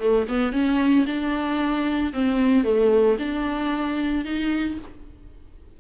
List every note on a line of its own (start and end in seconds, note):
0.00 0.27 A3
0.29 0.53 B3
0.53 1.06 C#4
1.07 2.13 D4
2.14 2.64 C4
2.64 3.17 A3
3.19 4.25 D4
4.25 4.78 D#4